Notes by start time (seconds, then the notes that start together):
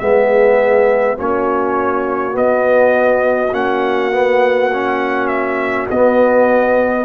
0.00 G#3 B3 G#4 E5
1.18 A#3 C#4 F#4 C#5
2.31 B3 D#5
3.53 A#3 C#4 F#5
4.12 B3
4.73 C#4
5.28 E5
5.91 B3 D#5